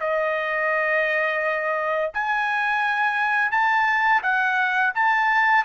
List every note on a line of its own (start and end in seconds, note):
0.00 2.12 D#5
2.14 3.52 G#5
3.52 4.22 A5
4.23 4.93 F#5
4.95 5.65 A5